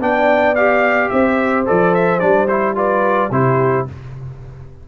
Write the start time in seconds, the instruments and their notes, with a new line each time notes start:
0.00 tuba B3, trombone D4, horn D5, trumpet G5
0.55 trombone G4, trumpet F5
1.09 tuba C4, horn C5, trumpet E5
1.66 tuba F3, trombone A4, trumpet D5
1.94 trumpet E5
2.19 tuba G3, trombone D4, trumpet D5
2.48 trombone E4, trumpet C5
2.75 trombone F4, horn B4, trumpet D5
3.30 tuba C3, trombone E4, horn G4, trumpet C5